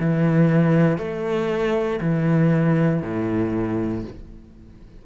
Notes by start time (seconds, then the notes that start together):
0.00 E3
0.98 A3
2.01 E3
3.03 A2